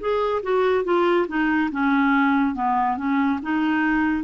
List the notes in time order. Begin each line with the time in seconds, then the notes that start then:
0.00 G#4
0.43 F#4
0.85 F4
1.28 D#4
1.72 C#4
2.55 B3
2.97 C#4
3.42 D#4